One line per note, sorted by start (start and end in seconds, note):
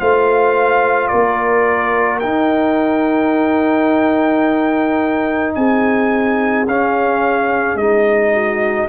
0.00 1.12 A3
0.00 2.22 F4
0.00 1.11 C5
0.00 1.08 F5
1.08 2.24 A#3
1.08 5.55 A#4
1.08 2.19 D5
2.20 6.67 D#4
2.20 5.57 D#4
2.20 5.53 G5
5.55 6.67 C4
5.55 8.33 G#4
5.55 6.66 G#5
6.67 7.75 C#4
6.67 7.80 C#4
6.67 7.78 F5
7.75 8.86 G#3
7.75 8.90 D#4
7.75 8.89 D#5
8.33 8.89 F#4